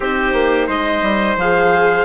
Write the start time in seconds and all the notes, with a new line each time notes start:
0.00 C4 D#4 G4 C5
0.33 A#3
0.67 G#3 C5 D#5
1.01 G3
1.35 F3 G#4 F5